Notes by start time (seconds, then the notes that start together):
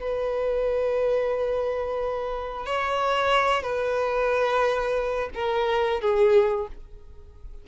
0.00 B4
2.66 C#5
3.63 B4
5.35 A#4
6.01 G#4